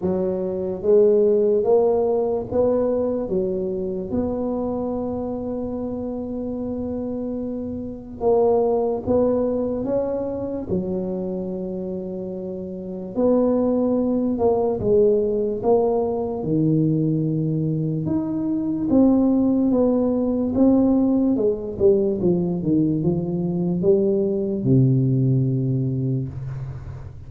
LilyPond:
\new Staff \with { instrumentName = "tuba" } { \time 4/4 \tempo 4 = 73 fis4 gis4 ais4 b4 | fis4 b2.~ | b2 ais4 b4 | cis'4 fis2. |
b4. ais8 gis4 ais4 | dis2 dis'4 c'4 | b4 c'4 gis8 g8 f8 dis8 | f4 g4 c2 | }